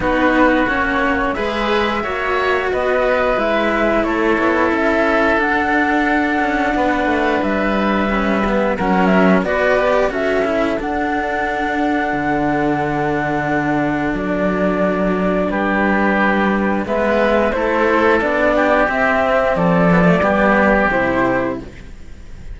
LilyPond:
<<
  \new Staff \with { instrumentName = "flute" } { \time 4/4 \tempo 4 = 89 b'4 cis''4 e''2 | dis''4 e''4 cis''4 e''4 | fis''2. e''4~ | e''4 fis''8 e''8 d''4 e''4 |
fis''1~ | fis''4 d''2 b'4~ | b'4 e''4 c''4 d''4 | e''4 d''2 c''4 | }
  \new Staff \with { instrumentName = "oboe" } { \time 4/4 fis'2 b'4 cis''4 | b'2 a'2~ | a'2 b'2~ | b'4 ais'4 b'4 a'4~ |
a'1~ | a'2. g'4~ | g'4 b'4 a'4. g'8~ | g'4 a'4 g'2 | }
  \new Staff \with { instrumentName = "cello" } { \time 4/4 dis'4 cis'4 gis'4 fis'4~ | fis'4 e'2. | d'1 | cis'8 b8 cis'4 fis'8 g'8 fis'8 e'8 |
d'1~ | d'1~ | d'4 b4 e'4 d'4 | c'4. b16 a16 b4 e'4 | }
  \new Staff \with { instrumentName = "cello" } { \time 4/4 b4 ais4 gis4 ais4 | b4 gis4 a8 b8 cis'4 | d'4. cis'8 b8 a8 g4~ | g4 fis4 b4 cis'4 |
d'2 d2~ | d4 fis2 g4~ | g4 gis4 a4 b4 | c'4 f4 g4 c4 | }
>>